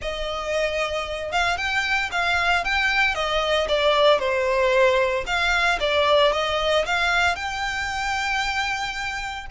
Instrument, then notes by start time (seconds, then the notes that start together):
violin
0.01 D#5
1.32 F5
1.57 G5
2.11 F5
2.64 G5
3.15 D#5
3.68 D5
4.19 C5
5.26 F5
5.80 D5
6.32 D#5
6.85 F5
7.35 G5